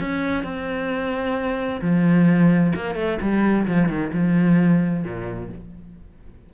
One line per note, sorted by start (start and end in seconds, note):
0.00 0.43 C#4
0.43 1.81 C4
1.81 2.73 F3
2.75 2.95 A#3
2.95 3.18 A3
3.21 3.67 G3
3.67 3.88 F3
3.88 4.11 D#3
4.13 5.03 F3
5.03 5.49 A#2